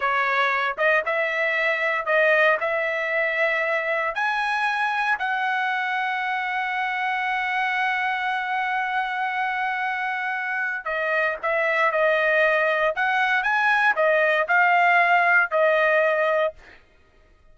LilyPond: \new Staff \with { instrumentName = "trumpet" } { \time 4/4 \tempo 4 = 116 cis''4. dis''8 e''2 | dis''4 e''2. | gis''2 fis''2~ | fis''1~ |
fis''1~ | fis''4 dis''4 e''4 dis''4~ | dis''4 fis''4 gis''4 dis''4 | f''2 dis''2 | }